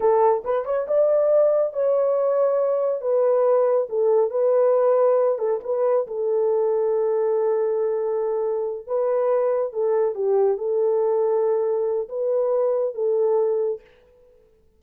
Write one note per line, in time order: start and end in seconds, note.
0.00 0.43 A4
0.44 0.65 B4
0.65 0.86 C#5
0.87 1.73 D5
1.73 3.01 C#5
3.01 3.87 B4
3.89 4.30 A4
4.30 5.38 B4
5.38 5.60 A4
5.63 6.06 B4
6.07 8.87 A4
8.87 9.73 B4
9.73 10.14 A4
10.14 10.57 G4
10.57 12.08 A4
12.09 12.94 B4
12.94 13.80 A4